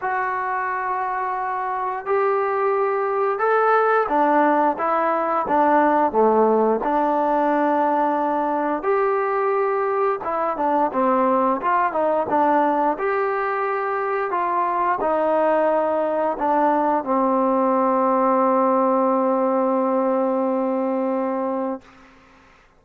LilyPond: \new Staff \with { instrumentName = "trombone" } { \time 4/4 \tempo 4 = 88 fis'2. g'4~ | g'4 a'4 d'4 e'4 | d'4 a4 d'2~ | d'4 g'2 e'8 d'8 |
c'4 f'8 dis'8 d'4 g'4~ | g'4 f'4 dis'2 | d'4 c'2.~ | c'1 | }